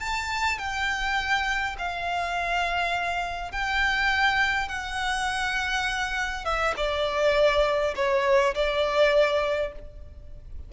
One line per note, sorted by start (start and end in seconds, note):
0.00 0.59 A5
0.59 1.76 G5
1.79 3.52 F5
3.52 4.69 G5
4.69 6.45 F#5
6.45 6.74 E5
6.77 7.95 D5
7.96 8.55 C#5
8.55 9.73 D5